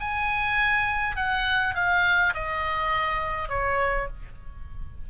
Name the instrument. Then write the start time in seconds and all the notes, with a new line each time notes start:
oboe
0.00 G#5
1.16 F#5
1.75 F5
2.34 D#5
3.49 C#5